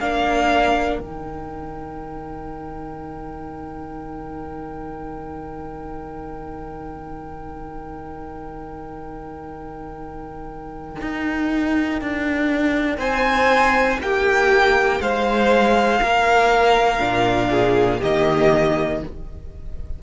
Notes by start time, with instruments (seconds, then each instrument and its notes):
0.00 cello A#3, viola D4, violin A#4 F5
0.99 cello D#3, viola D#4, violin G5
11.02 cello D#4
12.02 cello D4
12.98 cello C4, violin C5 G#5
14.01 cello A#3, violin G4 G5
15.00 cello G#3, violin C5 F5
16.01 cello A#3, violin A#4
17.00 cello A#2, viola D4
17.50 violin G#4
17.99 cello D#3, viola A#3, violin G4 D#5